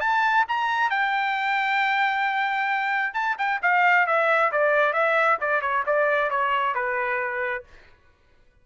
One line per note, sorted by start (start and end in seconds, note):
0.00 0.45 A5
0.48 0.90 A#5
0.90 3.14 G5
3.14 3.36 A5
3.38 3.60 G5
3.62 4.07 F5
4.07 4.51 E5
4.52 4.93 D5
4.93 5.38 E5
5.40 5.61 D5
5.61 5.84 C#5
5.86 6.30 D5
6.30 6.74 C#5
6.74 7.64 B4